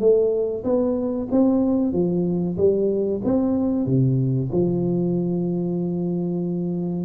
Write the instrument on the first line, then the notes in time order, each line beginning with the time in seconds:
tuba
0.00 A3
0.64 B3
1.31 C4
1.93 F3
2.57 G3
3.24 C4
3.86 C3
4.52 F3